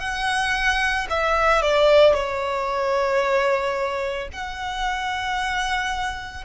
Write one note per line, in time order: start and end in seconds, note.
0.00 1.07 F#5
1.10 1.62 E5
1.62 2.14 D5
2.14 4.29 C#5
4.33 6.45 F#5